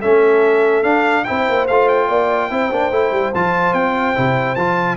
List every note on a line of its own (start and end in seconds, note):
0.00 0.83 A3
0.00 0.84 C#4
0.00 1.24 A4
0.00 0.84 E5
0.83 1.24 D4
0.83 1.25 D4
0.83 1.25 F5
1.25 1.49 C4
1.25 1.68 E4
1.25 2.08 C5
1.25 1.66 G5
1.49 1.70 A#3
1.68 2.10 A3
1.68 2.51 F4
1.68 1.88 F5
1.89 3.33 G5
2.08 2.51 A#3
2.08 2.49 D5
2.51 2.71 C4
2.51 2.71 E4
2.51 4.97 C5
2.72 2.91 A#3
2.72 2.92 D4
2.91 3.11 A3
2.91 3.34 E4
3.11 3.32 G3
3.34 3.73 F3
3.34 4.15 F4
3.34 3.74 A5
3.73 4.15 C4
3.73 4.55 G5
4.15 4.56 C3
4.15 4.57 E4
4.55 4.97 F3
4.55 4.97 F4
4.55 4.97 A5